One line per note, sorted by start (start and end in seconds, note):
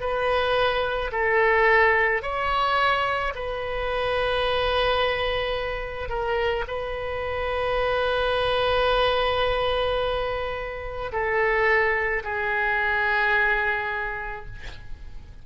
0.00 1.11 B4
1.12 2.22 A4
2.22 3.33 C#5
3.35 6.09 B4
6.09 6.65 A#4
6.67 11.12 B4
11.12 12.23 A4
12.24 14.46 G#4